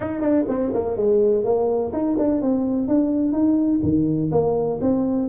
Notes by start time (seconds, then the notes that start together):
0.00 D#4
0.21 D4
0.48 C4
0.73 A#3
0.96 G#3
1.44 A#3
1.92 D#4
2.18 D4
2.41 C4
2.88 D4
3.32 D#4
3.82 D#3
4.31 A#3
4.81 C4